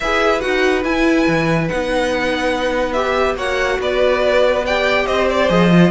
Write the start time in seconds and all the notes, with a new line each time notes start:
0.00 E4 G#4 B4 E5
0.40 D#4 F#4 F#5
0.84 E4 G#5
1.27 E3
1.68 B3 D#4 F#5
2.92 G4 E5
3.35 A#3 F#4 C#5 F#5
3.79 B3 B4 D5
4.65 G4 D5 G5
5.06 C4 C5 D#5
5.29 D5
5.48 F3 G#4 D#5
5.70 F4